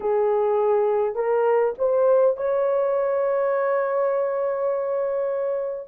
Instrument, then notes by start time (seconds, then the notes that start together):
horn
0.00 G#4
1.15 A#4
1.78 C5
2.36 C#5